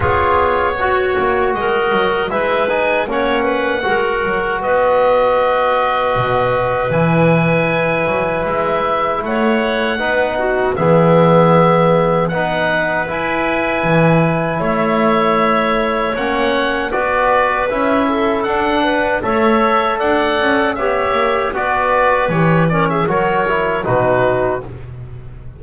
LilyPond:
<<
  \new Staff \with { instrumentName = "oboe" } { \time 4/4 \tempo 4 = 78 cis''2 dis''4 e''8 gis''8 | fis''2 dis''2~ | dis''4 gis''2 e''4 | fis''2 e''2 |
fis''4 gis''2 e''4~ | e''4 fis''4 d''4 e''4 | fis''4 e''4 fis''4 e''4 | d''4 cis''8 d''16 e''16 cis''4 b'4 | }
  \new Staff \with { instrumentName = "clarinet" } { \time 4/4 gis'4 fis'4 ais'4 b'4 | cis''8 b'8 ais'4 b'2~ | b'1 | cis''4 b'8 fis'8 gis'2 |
b'2. cis''4~ | cis''2 b'4. a'8~ | a'8 b'8 cis''4 d''4 cis''4 | b'4. ais'16 gis'16 ais'4 fis'4 | }
  \new Staff \with { instrumentName = "trombone" } { \time 4/4 f'4 fis'2 e'8 dis'8 | cis'4 fis'2.~ | fis'4 e'2.~ | e'4 dis'4 b2 |
dis'4 e'2.~ | e'4 cis'4 fis'4 e'4 | d'4 a'2 g'4 | fis'4 g'8 cis'8 fis'8 e'8 dis'4 | }
  \new Staff \with { instrumentName = "double bass" } { \time 4/4 b4. ais8 gis8 fis8 gis4 | ais4 gis8 fis8 b2 | b,4 e4. fis8 gis4 | a4 b4 e2 |
b4 e'4 e4 a4~ | a4 ais4 b4 cis'4 | d'4 a4 d'8 cis'8 b8 ais8 | b4 e4 fis4 b,4 | }
>>